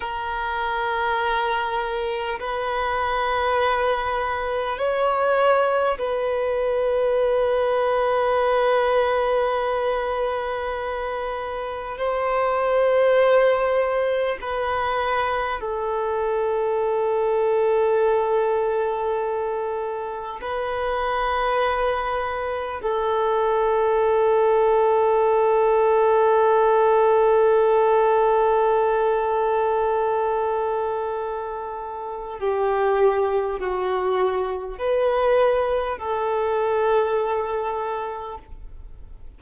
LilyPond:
\new Staff \with { instrumentName = "violin" } { \time 4/4 \tempo 4 = 50 ais'2 b'2 | cis''4 b'2.~ | b'2 c''2 | b'4 a'2.~ |
a'4 b'2 a'4~ | a'1~ | a'2. g'4 | fis'4 b'4 a'2 | }